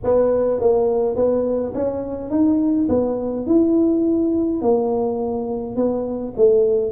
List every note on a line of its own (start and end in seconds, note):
0.03 0.60 B3
0.60 1.15 A#3
1.15 1.73 B3
1.74 2.30 C#4
2.30 2.87 D#4
2.88 3.46 B3
3.46 4.61 E4
4.61 5.76 A#3
5.76 6.34 B3
6.37 6.91 A3